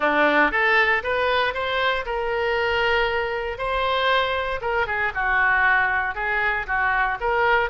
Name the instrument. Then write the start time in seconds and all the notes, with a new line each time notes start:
oboe
0.00 D4
0.51 A4
1.03 B4
1.54 C5
2.05 A#4
3.58 C5
4.61 A#4
4.86 G#4
5.14 F#4
6.14 G#4
6.66 F#4
7.20 A#4